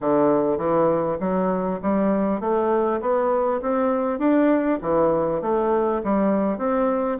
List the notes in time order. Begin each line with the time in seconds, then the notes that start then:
0.00 D3
0.57 E3
1.20 F#3
1.82 G3
2.40 A3
3.01 B3
3.61 C4
4.18 D4
4.81 E3
5.41 A3
6.03 G3
6.58 C4